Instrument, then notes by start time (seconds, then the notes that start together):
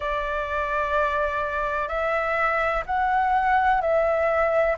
flute
0.00 D5
1.88 E5
2.86 F#5
3.81 E5